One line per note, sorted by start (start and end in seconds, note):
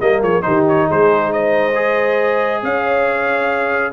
0.00 0.22 G3
0.00 0.42 A#3
0.00 0.20 A#4
0.00 0.22 D#5
0.20 0.44 F3
0.20 0.42 G#4
0.20 0.42 C#5
0.42 0.90 D#3
0.42 1.72 D#4
0.42 0.87 G4
0.42 0.63 C5
0.68 0.89 C#5
0.87 2.62 G#3
0.87 1.31 G#4
0.87 1.32 C5
1.32 2.62 C5
1.32 2.63 D#5
1.74 3.92 G#4
2.62 3.93 C#4
2.62 3.93 C#5
2.62 3.93 F5